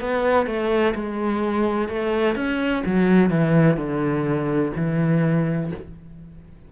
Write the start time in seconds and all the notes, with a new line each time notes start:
0.00 B3
0.46 A3
0.94 G#3
1.88 A3
2.35 C#4
2.85 F#3
3.30 E3
3.77 D3
4.76 E3